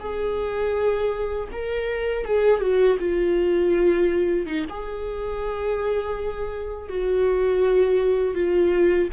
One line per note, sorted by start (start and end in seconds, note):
0.00 1.48 G#4
1.52 2.25 A#4
2.25 2.61 G#4
2.61 2.98 F#4
2.99 4.47 F4
4.47 4.65 D#4
4.69 6.89 G#4
6.89 8.35 F#4
8.35 9.09 F4